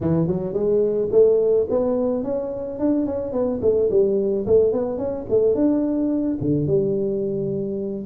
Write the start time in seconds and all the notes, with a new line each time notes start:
0.01 E3
0.27 F#3
0.53 G#3
1.11 A3
1.69 B3
2.23 C#4
2.79 D4
3.06 C#4
3.32 B3
3.61 A3
3.90 G3
4.46 A3
4.72 B3
4.97 C#4
5.29 A3
5.54 D4
6.40 D3
6.66 G3